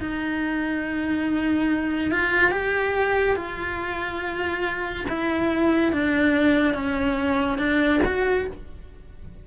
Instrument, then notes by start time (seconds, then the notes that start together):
cello
0.00 D#4
2.11 F4
2.51 G4
3.36 F4
5.09 E4
5.92 D4
6.74 C#4
7.58 D4
8.05 F#4